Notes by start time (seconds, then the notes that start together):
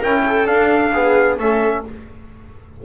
0.00 C#4 E4 A#4 G5
0.26 A4
0.45 D4 F5
0.92 B3 G#4
1.38 A3 C#4 A4 E5